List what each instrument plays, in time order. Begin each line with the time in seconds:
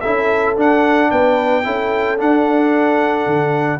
0.00 tuba C#4, trombone E4, horn A4, trumpet E5
0.56 tuba D4, trombone D4, trumpet F#5
1.10 tuba B3, horn B4, trumpet G5
1.63 tuba C#4, trombone E4, horn A4
2.18 trombone D4, tuba D4, trumpet F#5
3.26 tuba D3